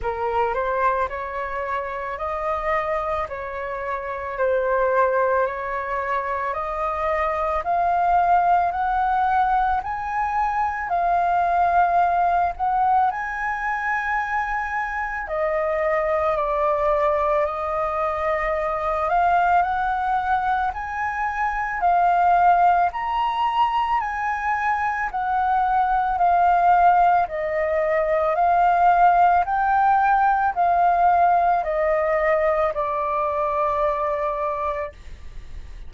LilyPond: \new Staff \with { instrumentName = "flute" } { \time 4/4 \tempo 4 = 55 ais'8 c''8 cis''4 dis''4 cis''4 | c''4 cis''4 dis''4 f''4 | fis''4 gis''4 f''4. fis''8 | gis''2 dis''4 d''4 |
dis''4. f''8 fis''4 gis''4 | f''4 ais''4 gis''4 fis''4 | f''4 dis''4 f''4 g''4 | f''4 dis''4 d''2 | }